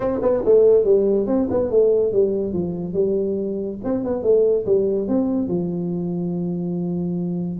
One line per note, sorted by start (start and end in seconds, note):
0.00 0.19 C4
0.22 0.43 B3
0.45 0.84 A3
0.84 1.26 G3
1.27 1.48 C4
1.50 1.70 B3
1.70 2.12 A3
2.12 2.53 G3
2.53 2.93 F3
2.93 3.78 G3
3.83 4.04 C4
4.04 4.23 B3
4.23 4.65 A3
4.65 5.08 G3
5.08 5.48 C4
5.48 7.59 F3